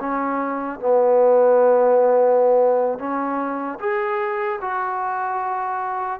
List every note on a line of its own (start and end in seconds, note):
0.00 0.80 C#4
0.80 2.99 B3
2.99 3.79 C#4
3.79 4.59 G#4
4.61 6.20 F#4